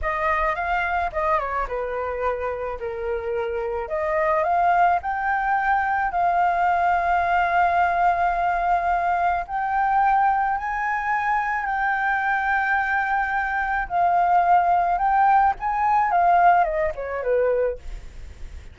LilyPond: \new Staff \with { instrumentName = "flute" } { \time 4/4 \tempo 4 = 108 dis''4 f''4 dis''8 cis''8 b'4~ | b'4 ais'2 dis''4 | f''4 g''2 f''4~ | f''1~ |
f''4 g''2 gis''4~ | gis''4 g''2.~ | g''4 f''2 g''4 | gis''4 f''4 dis''8 cis''8 b'4 | }